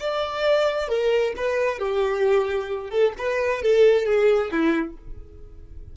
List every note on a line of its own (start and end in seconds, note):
0.00 0.88 D5
0.88 1.33 A#4
1.37 1.79 B4
1.79 2.90 G4
2.90 3.13 A4
3.18 3.62 B4
3.62 4.05 A4
4.05 4.51 G#4
4.51 4.96 E4